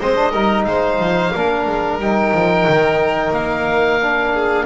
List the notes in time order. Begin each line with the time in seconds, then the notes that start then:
0.00 G#3 C4 C5 D#5
0.16 D4
0.32 G3 D#4 A#4
0.65 G#3 C5 F5
0.99 F3
1.33 A#3 D4 A#4
1.67 G#3
1.99 G3 D#4 G5
2.34 F3
2.68 D#3
3.31 A#3 F5
4.01 D4
4.34 G#4